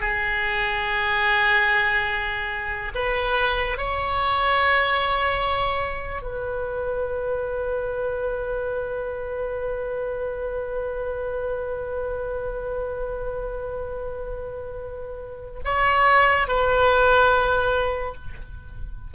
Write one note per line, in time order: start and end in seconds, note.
0.00 2.92 G#4
2.95 3.77 B4
3.77 6.22 C#5
6.22 15.59 B4
15.65 16.48 C#5
16.48 18.14 B4